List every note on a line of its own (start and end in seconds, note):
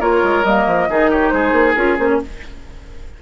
0.00 0.23 A#3
0.00 0.45 F4
0.00 0.88 A#4
0.00 0.44 C#5
0.23 0.44 G#3
0.44 0.66 G3
0.44 0.90 A#3
0.44 1.11 D#5
0.67 0.89 F3
0.89 1.32 D#3
0.89 1.76 D#4
0.89 1.11 G#4
1.11 1.33 G4
1.11 1.29 C#5
1.29 1.52 G#3
1.29 2.22 G#4
1.29 1.74 C5
1.52 1.74 A#3
1.75 1.99 C#4
1.75 1.98 F4
1.75 1.97 A#4
1.99 2.21 A#3
1.99 2.22 C#4
1.99 2.09 C5
2.09 2.20 C#5